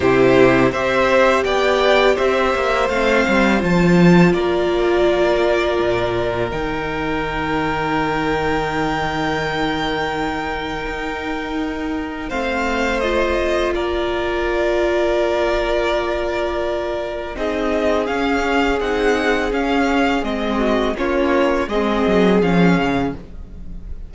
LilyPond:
<<
  \new Staff \with { instrumentName = "violin" } { \time 4/4 \tempo 4 = 83 c''4 e''4 g''4 e''4 | f''4 a''4 d''2~ | d''4 g''2.~ | g''1~ |
g''4 f''4 dis''4 d''4~ | d''1 | dis''4 f''4 fis''4 f''4 | dis''4 cis''4 dis''4 f''4 | }
  \new Staff \with { instrumentName = "violin" } { \time 4/4 g'4 c''4 d''4 c''4~ | c''2 ais'2~ | ais'1~ | ais'1~ |
ais'4 c''2 ais'4~ | ais'1 | gis'1~ | gis'8 fis'8 f'4 gis'2 | }
  \new Staff \with { instrumentName = "viola" } { \time 4/4 e'4 g'2. | c'4 f'2.~ | f'4 dis'2.~ | dis'1~ |
dis'4 c'4 f'2~ | f'1 | dis'4 cis'4 dis'4 cis'4 | c'4 cis'4 c'4 cis'4 | }
  \new Staff \with { instrumentName = "cello" } { \time 4/4 c4 c'4 b4 c'8 ais8 | a8 g8 f4 ais2 | ais,4 dis2.~ | dis2. dis'4~ |
dis'4 a2 ais4~ | ais1 | c'4 cis'4 c'4 cis'4 | gis4 ais4 gis8 fis8 f8 cis8 | }
>>